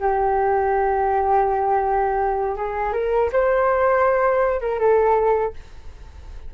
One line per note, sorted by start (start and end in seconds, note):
0.00 2.57 G4
2.57 2.93 G#4
2.93 3.30 A#4
3.33 4.61 C5
4.61 4.80 A#4
4.80 5.54 A4